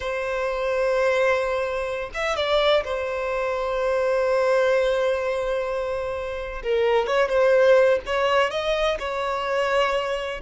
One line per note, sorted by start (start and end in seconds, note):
0.00 2.10 C5
2.14 2.36 E5
2.36 2.83 D5
2.84 6.62 C5
6.63 7.07 A#4
7.07 7.28 C#5
7.28 7.99 C5
8.06 8.50 C#5
8.50 8.98 D#5
8.99 10.41 C#5